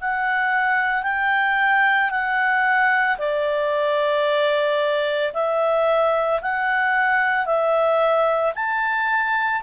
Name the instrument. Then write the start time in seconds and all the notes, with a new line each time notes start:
clarinet
0.00 F#5
1.03 G5
2.10 F#5
3.18 D5
5.33 E5
6.41 F#5
7.45 E5
8.55 A5